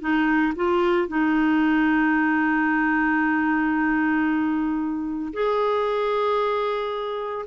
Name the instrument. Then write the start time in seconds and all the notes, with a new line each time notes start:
clarinet
0.00 D#4
0.55 F4
1.08 D#4
5.33 G#4